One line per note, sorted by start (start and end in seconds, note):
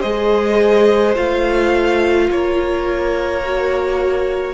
0.00 1.17 G#3
0.00 1.15 G#4
0.00 2.26 C5
0.00 1.15 D#5
1.15 2.30 A3
1.15 3.42 F4
1.15 2.30 F5
2.31 4.54 A#3
2.31 4.54 A#4
2.31 4.54 C#5
3.45 4.54 F#4